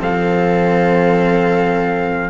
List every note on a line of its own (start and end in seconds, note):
0.00 2.30 F3
0.00 2.30 C4
0.00 2.30 A4
0.00 2.30 F5